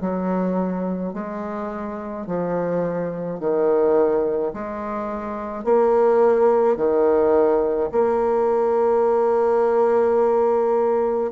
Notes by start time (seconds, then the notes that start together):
0.00 F#3
1.13 G#3
2.26 F3
3.40 D#3
4.53 G#3
5.64 A#3
6.76 D#3
7.92 A#3